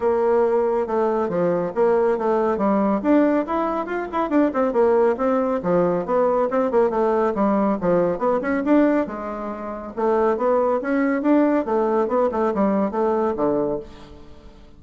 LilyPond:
\new Staff \with { instrumentName = "bassoon" } { \time 4/4 \tempo 4 = 139 ais2 a4 f4 | ais4 a4 g4 d'4 | e'4 f'8 e'8 d'8 c'8 ais4 | c'4 f4 b4 c'8 ais8 |
a4 g4 f4 b8 cis'8 | d'4 gis2 a4 | b4 cis'4 d'4 a4 | b8 a8 g4 a4 d4 | }